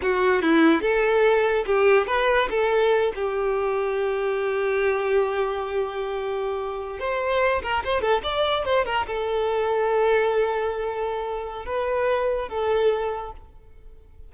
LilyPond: \new Staff \with { instrumentName = "violin" } { \time 4/4 \tempo 4 = 144 fis'4 e'4 a'2 | g'4 b'4 a'4. g'8~ | g'1~ | g'1~ |
g'8. c''4. ais'8 c''8 a'8 d''16~ | d''8. c''8 ais'8 a'2~ a'16~ | a'1 | b'2 a'2 | }